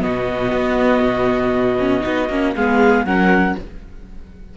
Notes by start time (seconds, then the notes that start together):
0.00 B2 B3 F#4 D#5
0.53 B3
1.04 B2
1.80 C#4
2.02 B3 D#4
2.30 A#3 C#4
2.55 G#3 B3 G#4 F5
3.05 F#3 C#4 A#4 F#5